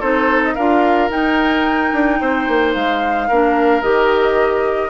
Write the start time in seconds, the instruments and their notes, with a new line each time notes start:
0.00 bassoon C4, clarinet D#4, oboe A4, flute C5
0.44 flute D#5
0.55 bassoon D4, clarinet F4, oboe A#4, flute F5
1.10 bassoon D#4, clarinet D#4, flute G5
1.92 bassoon D4
2.21 bassoon C4, oboe C5
2.48 bassoon A#3
2.74 bassoon G#3, flute F5
3.28 bassoon A#3, clarinet D4, oboe A#4
3.82 bassoon D#3, clarinet G4, flute D#5